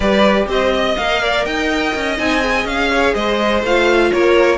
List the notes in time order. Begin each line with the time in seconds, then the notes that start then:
0.00 G3 G4 B4 D5
0.47 C4 C5 D#5
0.74 D#5
0.97 A#3 A#4 F5
1.22 D5
1.44 D#4 D#5 G5
1.95 C#4
2.18 C4 D#4 G#5
2.40 G#4
2.64 C#4 F5
2.91 C#5
3.14 G#3 C5 D#5
3.62 A3 F4 F5
4.12 A#3 A#4 C#5